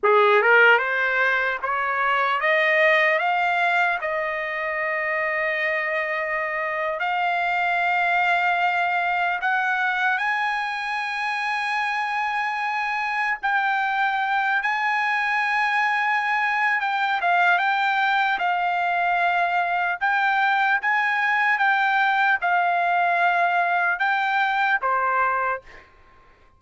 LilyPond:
\new Staff \with { instrumentName = "trumpet" } { \time 4/4 \tempo 4 = 75 gis'8 ais'8 c''4 cis''4 dis''4 | f''4 dis''2.~ | dis''8. f''2. fis''16~ | fis''8. gis''2.~ gis''16~ |
gis''8. g''4. gis''4.~ gis''16~ | gis''4 g''8 f''8 g''4 f''4~ | f''4 g''4 gis''4 g''4 | f''2 g''4 c''4 | }